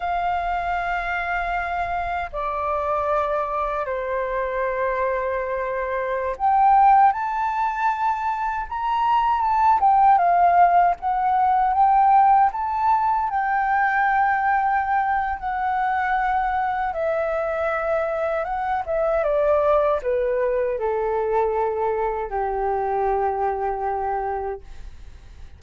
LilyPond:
\new Staff \with { instrumentName = "flute" } { \time 4/4 \tempo 4 = 78 f''2. d''4~ | d''4 c''2.~ | c''16 g''4 a''2 ais''8.~ | ais''16 a''8 g''8 f''4 fis''4 g''8.~ |
g''16 a''4 g''2~ g''8. | fis''2 e''2 | fis''8 e''8 d''4 b'4 a'4~ | a'4 g'2. | }